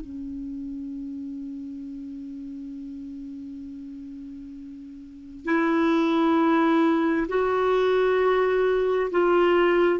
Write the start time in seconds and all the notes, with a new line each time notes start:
0.00 C#4
5.45 E4
7.28 F#4
9.11 F4